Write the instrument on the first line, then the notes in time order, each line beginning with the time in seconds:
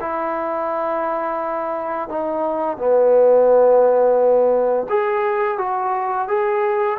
trombone
0.00 E4
2.08 D#4
2.77 B3
4.89 G#4
5.58 F#4
6.28 G#4